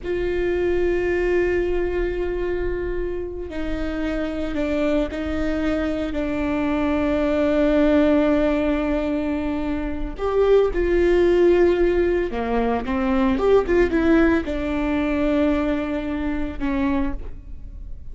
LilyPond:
\new Staff \with { instrumentName = "viola" } { \time 4/4 \tempo 4 = 112 f'1~ | f'2~ f'8 dis'4.~ | dis'8 d'4 dis'2 d'8~ | d'1~ |
d'2. g'4 | f'2. ais4 | c'4 g'8 f'8 e'4 d'4~ | d'2. cis'4 | }